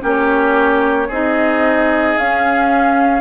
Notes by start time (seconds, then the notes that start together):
0.00 A#3 C#4 G4
0.06 C#5
1.08 C4 D#4 G#4 D#5
2.17 C#4 F5